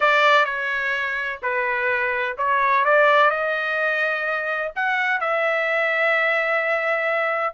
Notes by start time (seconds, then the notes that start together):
0.00 D5
0.45 C#5
1.42 B4
2.37 C#5
2.85 D5
3.30 D#5
4.75 F#5
5.20 E5